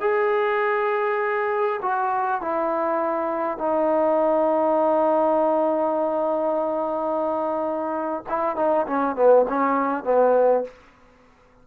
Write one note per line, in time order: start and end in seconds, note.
0.00 1.80 G#4
1.82 2.41 F#4
2.41 3.58 E4
3.58 8.23 D#4
8.28 8.56 E4
8.56 8.86 D#4
8.86 9.16 C#4
9.16 9.46 B3
9.49 10.04 C#4
10.04 10.64 B3